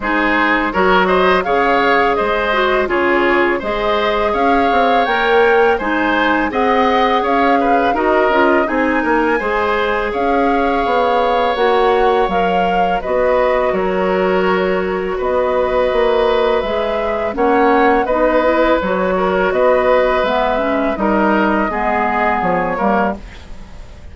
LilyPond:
<<
  \new Staff \with { instrumentName = "flute" } { \time 4/4 \tempo 4 = 83 c''4 cis''8 dis''8 f''4 dis''4 | cis''4 dis''4 f''4 g''4 | gis''4 fis''4 f''4 dis''4 | gis''2 f''2 |
fis''4 f''4 dis''4 cis''4~ | cis''4 dis''2 e''4 | fis''4 dis''4 cis''4 dis''4 | e''4 dis''2 cis''4 | }
  \new Staff \with { instrumentName = "oboe" } { \time 4/4 gis'4 ais'8 c''8 cis''4 c''4 | gis'4 c''4 cis''2 | c''4 dis''4 cis''8 b'8 ais'4 | gis'8 ais'8 c''4 cis''2~ |
cis''2 b'4 ais'4~ | ais'4 b'2. | cis''4 b'4. ais'8 b'4~ | b'4 ais'4 gis'4. ais'8 | }
  \new Staff \with { instrumentName = "clarinet" } { \time 4/4 dis'4 fis'4 gis'4. fis'8 | f'4 gis'2 ais'4 | dis'4 gis'2 fis'8 f'8 | dis'4 gis'2. |
fis'4 ais'4 fis'2~ | fis'2. gis'4 | cis'4 dis'8 e'8 fis'2 | b8 cis'8 dis'4 b4. ais8 | }
  \new Staff \with { instrumentName = "bassoon" } { \time 4/4 gis4 fis4 cis4 gis4 | cis4 gis4 cis'8 c'8 ais4 | gis4 c'4 cis'4 dis'8 cis'8 | c'8 ais8 gis4 cis'4 b4 |
ais4 fis4 b4 fis4~ | fis4 b4 ais4 gis4 | ais4 b4 fis4 b4 | gis4 g4 gis4 f8 g8 | }
>>